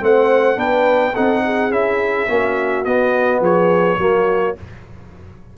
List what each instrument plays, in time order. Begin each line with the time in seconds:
0.00 tuba A3, trombone C4, horn C5, trumpet F#5
0.56 tuba B3, trombone D4, horn B4, trumpet G5
1.14 tuba C4, trombone D#4, horn A4, trumpet F#5
1.45 horn G#4
1.71 tuba C#4, trombone E4, trumpet E5
2.28 tuba A#3, trombone C#4, horn F#4
2.85 tuba B3, trombone B3, trumpet D#5
3.40 tuba F3, horn G#4, trumpet C#5
3.98 tuba F#3, trombone A#3, horn F#4